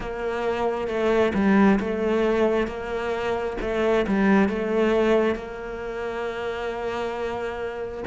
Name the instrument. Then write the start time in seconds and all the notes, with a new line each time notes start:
cello
0.00 A#3
0.87 A3
1.34 G3
1.80 A3
2.67 A#3
3.61 A3
4.07 G3
4.48 A3
5.35 A#3